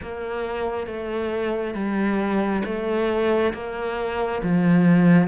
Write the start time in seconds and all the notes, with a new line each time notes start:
0.02 A#3
0.86 A3
1.74 G3
2.65 A3
3.53 A#3
4.42 F3